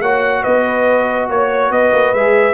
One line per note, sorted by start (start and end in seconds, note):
0.00 0.43 A#3
0.00 2.16 F#4
0.00 0.41 C#5
0.00 0.43 F#5
0.41 1.29 B3
0.41 1.26 B4
0.41 1.28 D#5
1.29 1.70 A#3
1.29 1.72 C#5
1.29 1.71 C#5
1.70 1.91 B3
1.70 2.53 B4
1.70 2.13 D#5
1.92 2.13 A#3
2.13 2.53 G#3
2.13 2.53 G#4
2.13 2.53 E5